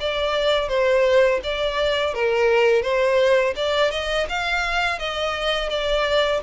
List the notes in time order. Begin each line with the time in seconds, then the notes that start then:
0.00 D5
0.69 C5
1.43 D5
2.14 A#4
2.82 C5
3.56 D5
3.91 D#5
4.29 F5
4.99 D#5
5.69 D5